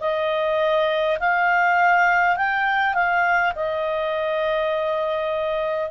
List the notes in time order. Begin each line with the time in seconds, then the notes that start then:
0.00 D#5
1.19 F5
2.36 G5
2.94 F5
3.55 D#5